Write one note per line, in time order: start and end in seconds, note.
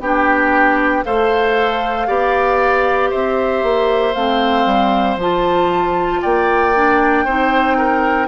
0.00 1.03 B3
0.00 1.05 D4
0.00 1.04 G4
0.00 1.04 G5
1.04 2.09 A3
1.04 2.07 A4
1.04 2.07 C5
1.04 3.11 F5
2.07 3.12 B3
2.07 4.14 G4
2.07 3.10 D5
3.10 3.63 C4
3.10 6.20 C5
3.10 4.14 E5
3.63 4.15 A#3
4.14 4.66 A3
4.14 5.19 C4
4.14 5.17 F5
4.66 5.17 G3
5.17 6.20 F3
5.17 6.75 F4
5.17 6.22 A5
6.22 7.25 A#3
6.22 7.25 D5
6.22 8.28 G5
6.75 7.27 D4
7.25 8.28 C4
7.25 8.28 D#4
7.25 7.77 C5
7.78 8.28 A#4